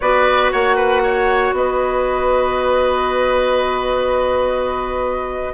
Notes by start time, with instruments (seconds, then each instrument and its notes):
0.00 bassoon B3, clarinet F#4, oboe B4, flute D5
0.51 bassoon A#3, oboe C#5, flute F#5
0.76 oboe B4
1.03 oboe C#5
1.52 bassoon B3, oboe B4, flute D#5